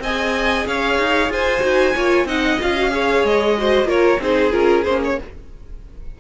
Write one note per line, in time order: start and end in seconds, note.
0.00 0.65 C4
0.00 1.60 G#4
0.00 0.67 D#5
0.00 0.67 G#5
0.67 0.98 C#4
0.67 1.32 C#5
0.67 1.32 F5
0.98 1.29 D#4
1.29 1.62 F4
1.29 1.94 C5
1.29 2.28 G#5
1.60 1.95 D#4
1.60 1.92 F#4
1.94 2.25 A#3
1.94 2.27 F4
1.94 2.26 C#5
2.25 2.57 C4
2.25 2.60 D#4
2.25 2.92 D#5
2.25 2.60 F#5
2.60 3.24 C#4
2.60 2.76 F4
2.60 3.26 F5
2.76 2.91 F#4
2.91 3.55 G#4
2.91 3.58 C#5
3.24 3.84 G#3
3.24 3.89 D#5
3.58 3.86 F#4
3.58 3.88 C5
3.84 4.17 A#3
3.84 4.18 F4
3.84 4.20 A#4
3.84 4.22 C#5
4.20 4.52 C4
4.20 4.52 D#4
4.20 5.19 G#4
4.20 4.52 C5
4.52 4.85 C#4
4.52 4.84 F4
4.52 4.84 A#4
4.84 5.18 A#3
4.84 5.20 C#4
4.84 5.00 C5
5.04 5.20 C#5